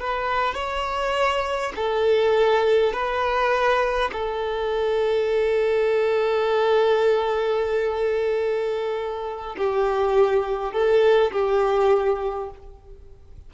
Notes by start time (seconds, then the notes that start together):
0.00 B4
0.55 C#5
1.76 A4
2.93 B4
4.12 A4
9.58 G4
10.73 A4
11.32 G4